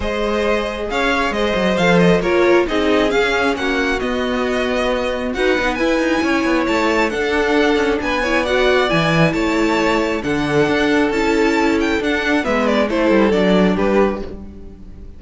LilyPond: <<
  \new Staff \with { instrumentName = "violin" } { \time 4/4 \tempo 4 = 135 dis''2 f''4 dis''4 | f''8 dis''8 cis''4 dis''4 f''4 | fis''4 dis''2. | fis''4 gis''2 a''4 |
fis''2 gis''4 fis''4 | gis''4 a''2 fis''4~ | fis''4 a''4. g''8 fis''4 | e''8 d''8 c''4 d''4 b'4 | }
  \new Staff \with { instrumentName = "violin" } { \time 4/4 c''2 cis''4 c''4~ | c''4 ais'4 gis'2 | fis'1 | b'2 cis''2 |
a'2 b'8 cis''8 d''4~ | d''4 cis''2 a'4~ | a'1 | b'4 a'2 g'4 | }
  \new Staff \with { instrumentName = "viola" } { \time 4/4 gis'1 | a'4 f'4 dis'4 cis'4~ | cis'4 b2. | fis'8 dis'8 e'2. |
d'2~ d'8 e'8 fis'4 | e'2. d'4~ | d'4 e'2 d'4 | b4 e'4 d'2 | }
  \new Staff \with { instrumentName = "cello" } { \time 4/4 gis2 cis'4 gis8 fis8 | f4 ais4 c'4 cis'4 | ais4 b2. | dis'8 b8 e'8 dis'8 cis'8 b8 a4 |
d'4. cis'8 b2 | e4 a2 d4 | d'4 cis'2 d'4 | gis4 a8 g8 fis4 g4 | }
>>